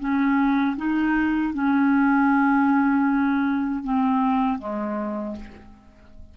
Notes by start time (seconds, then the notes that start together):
0.00 C#4
0.77 D#4
1.54 C#4
3.84 C4
4.59 G#3